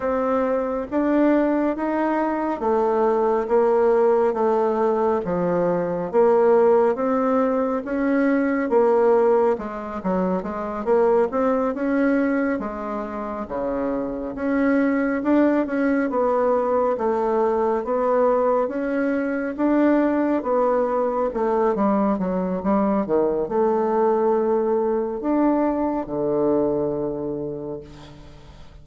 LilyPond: \new Staff \with { instrumentName = "bassoon" } { \time 4/4 \tempo 4 = 69 c'4 d'4 dis'4 a4 | ais4 a4 f4 ais4 | c'4 cis'4 ais4 gis8 fis8 | gis8 ais8 c'8 cis'4 gis4 cis8~ |
cis8 cis'4 d'8 cis'8 b4 a8~ | a8 b4 cis'4 d'4 b8~ | b8 a8 g8 fis8 g8 dis8 a4~ | a4 d'4 d2 | }